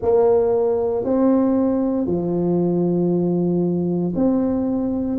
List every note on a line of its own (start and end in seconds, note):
0.01 1.04 A#3
1.04 2.06 C4
2.06 4.13 F3
4.15 5.18 C4